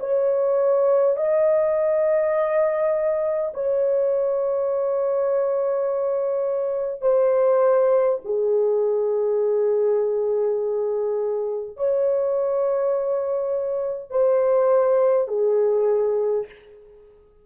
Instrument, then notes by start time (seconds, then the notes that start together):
horn
0.00 C#5
1.17 D#5
3.54 C#5
7.02 C5
8.25 G#4
11.77 C#5
14.11 C5
15.28 G#4